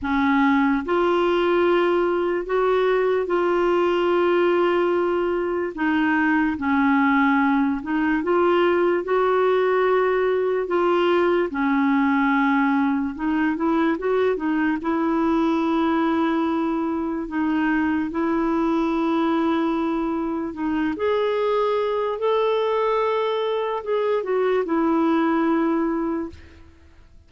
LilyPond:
\new Staff \with { instrumentName = "clarinet" } { \time 4/4 \tempo 4 = 73 cis'4 f'2 fis'4 | f'2. dis'4 | cis'4. dis'8 f'4 fis'4~ | fis'4 f'4 cis'2 |
dis'8 e'8 fis'8 dis'8 e'2~ | e'4 dis'4 e'2~ | e'4 dis'8 gis'4. a'4~ | a'4 gis'8 fis'8 e'2 | }